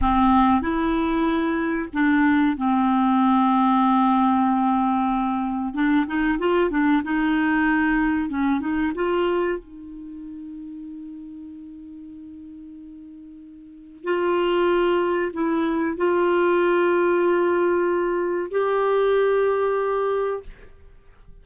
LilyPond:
\new Staff \with { instrumentName = "clarinet" } { \time 4/4 \tempo 4 = 94 c'4 e'2 d'4 | c'1~ | c'4 d'8 dis'8 f'8 d'8 dis'4~ | dis'4 cis'8 dis'8 f'4 dis'4~ |
dis'1~ | dis'2 f'2 | e'4 f'2.~ | f'4 g'2. | }